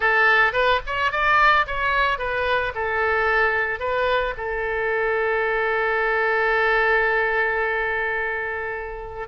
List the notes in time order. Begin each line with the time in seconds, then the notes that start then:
0.00 A4
0.52 B4
0.86 C#5
1.11 D5
1.66 C#5
2.18 B4
2.74 A4
3.79 B4
4.37 A4